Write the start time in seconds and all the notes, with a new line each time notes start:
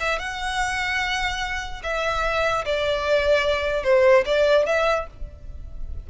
0.00 E5
0.19 F#5
1.83 E5
2.65 D5
3.83 C5
4.25 D5
4.66 E5